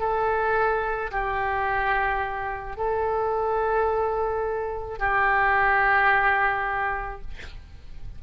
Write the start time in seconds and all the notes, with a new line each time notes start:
0.00 A4
1.12 G4
2.77 A4
4.99 G4